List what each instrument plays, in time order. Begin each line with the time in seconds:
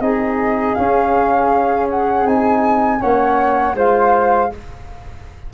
0.00 tuba C4, trombone D#4, flute G#4 D#5
0.75 trombone C#4, tuba C#4, flute F5
1.91 flute F#5
2.26 tuba C4, trombone D#4, flute G#5
3.00 tuba A#3, trombone C#4, flute C#5 F#5
3.75 tuba G#3, trombone F4, flute C5 F5